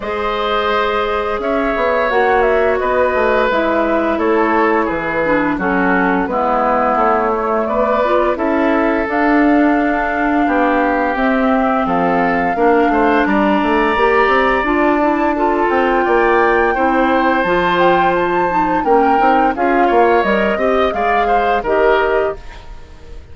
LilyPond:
<<
  \new Staff \with { instrumentName = "flute" } { \time 4/4 \tempo 4 = 86 dis''2 e''4 fis''8 e''8 | dis''4 e''4 cis''4 b'4 | a'4 b'4 cis''4 d''4 | e''4 f''2. |
e''4 f''2 ais''4~ | ais''4 a''4. g''4.~ | g''4 a''8 g''8 a''4 g''4 | f''4 dis''4 f''4 dis''4 | }
  \new Staff \with { instrumentName = "oboe" } { \time 4/4 c''2 cis''2 | b'2 a'4 gis'4 | fis'4 e'2 b'4 | a'2. g'4~ |
g'4 a'4 ais'8 c''8 d''4~ | d''2 a'4 d''4 | c''2. ais'4 | gis'8 cis''4 dis''8 d''8 c''8 ais'4 | }
  \new Staff \with { instrumentName = "clarinet" } { \time 4/4 gis'2. fis'4~ | fis'4 e'2~ e'8 d'8 | cis'4 b4. a4 f'8 | e'4 d'2. |
c'2 d'2 | g'4 f'8 e'8 f'2 | e'4 f'4. dis'8 cis'8 dis'8 | f'4 ais'8 g'8 gis'4 g'4 | }
  \new Staff \with { instrumentName = "bassoon" } { \time 4/4 gis2 cis'8 b8 ais4 | b8 a8 gis4 a4 e4 | fis4 gis4 a4 b4 | cis'4 d'2 b4 |
c'4 f4 ais8 a8 g8 a8 | ais8 c'8 d'4. c'8 ais4 | c'4 f2 ais8 c'8 | cis'8 ais8 g8 c'8 gis4 dis4 | }
>>